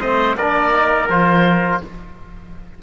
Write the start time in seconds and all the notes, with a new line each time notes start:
0.00 A3 C4 C5 D#5
0.36 A#3 D4 A#4 D5
0.73 D#4
1.09 F3 F4 C5